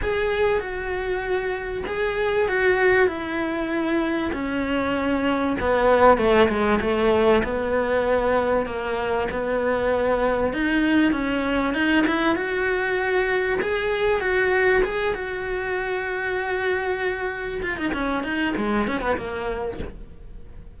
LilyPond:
\new Staff \with { instrumentName = "cello" } { \time 4/4 \tempo 4 = 97 gis'4 fis'2 gis'4 | fis'4 e'2 cis'4~ | cis'4 b4 a8 gis8 a4 | b2 ais4 b4~ |
b4 dis'4 cis'4 dis'8 e'8 | fis'2 gis'4 fis'4 | gis'8 fis'2.~ fis'8~ | fis'8 f'16 dis'16 cis'8 dis'8 gis8 cis'16 b16 ais4 | }